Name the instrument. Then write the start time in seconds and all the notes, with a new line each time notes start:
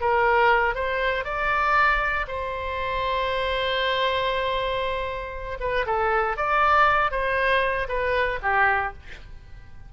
oboe
0.00 A#4
0.74 C5
1.24 D5
2.27 C5
5.60 B4
5.86 A4
6.37 D5
7.11 C5
7.88 B4
8.42 G4